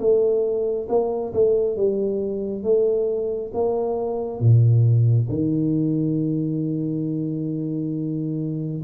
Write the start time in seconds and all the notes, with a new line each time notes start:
0.00 A3
0.89 A#3
1.34 A3
1.77 G3
2.64 A3
3.54 A#3
4.40 A#2
5.30 D#3